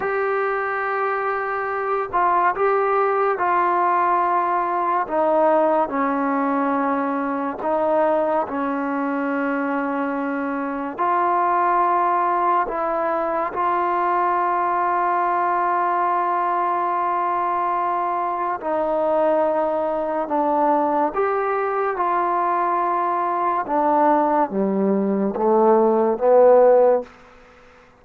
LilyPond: \new Staff \with { instrumentName = "trombone" } { \time 4/4 \tempo 4 = 71 g'2~ g'8 f'8 g'4 | f'2 dis'4 cis'4~ | cis'4 dis'4 cis'2~ | cis'4 f'2 e'4 |
f'1~ | f'2 dis'2 | d'4 g'4 f'2 | d'4 g4 a4 b4 | }